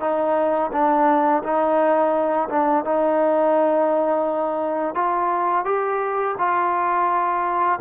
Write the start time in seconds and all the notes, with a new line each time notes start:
0.00 D#4
0.72 D4
1.43 D#4
2.49 D4
2.84 D#4
4.94 F4
5.65 G4
6.38 F4